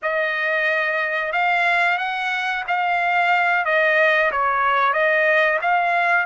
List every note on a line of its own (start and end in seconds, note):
0.02 1.32 D#5
1.32 1.98 F5
1.98 2.63 F#5
2.67 3.65 F5
3.65 4.31 D#5
4.31 4.93 C#5
4.93 5.59 D#5
5.61 6.26 F5